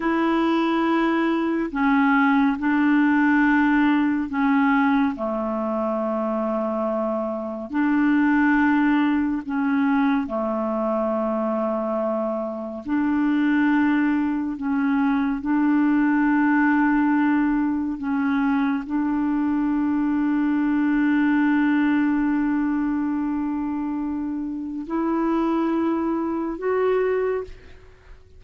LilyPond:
\new Staff \with { instrumentName = "clarinet" } { \time 4/4 \tempo 4 = 70 e'2 cis'4 d'4~ | d'4 cis'4 a2~ | a4 d'2 cis'4 | a2. d'4~ |
d'4 cis'4 d'2~ | d'4 cis'4 d'2~ | d'1~ | d'4 e'2 fis'4 | }